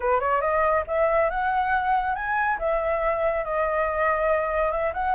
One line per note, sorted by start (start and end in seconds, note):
0.00 0.20 B4
0.20 0.41 C#5
0.41 0.84 D#5
0.87 1.30 E5
1.30 2.15 F#5
2.15 2.58 G#5
2.58 3.44 E5
3.44 4.71 D#5
4.71 4.93 E5
4.93 5.15 F#5